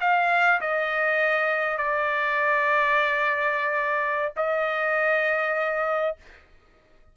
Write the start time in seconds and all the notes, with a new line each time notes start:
0.00 F5
0.61 D#5
1.77 D5
4.36 D#5